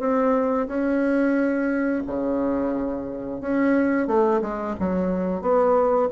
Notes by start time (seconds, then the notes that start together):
0.00 C4
0.68 C#4
2.07 C#3
3.41 C#4
4.08 A3
4.42 G#3
4.80 F#3
5.42 B3